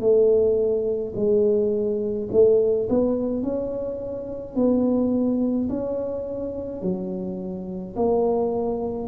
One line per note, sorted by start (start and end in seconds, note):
0.00 1.13 A3
1.16 2.29 G#3
2.32 2.89 A3
2.90 3.43 B3
3.43 4.56 C#4
4.56 5.69 B3
5.70 6.82 C#4
6.82 7.96 F#3
7.96 9.08 A#3